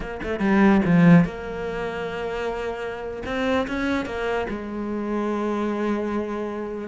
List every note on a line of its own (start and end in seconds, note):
0.00 0.20 A#3
0.22 0.39 A3
0.39 0.81 G3
0.85 1.25 F3
1.25 3.23 A#3
3.25 3.67 C4
3.67 4.05 C#4
4.05 4.47 A#3
4.49 6.88 G#3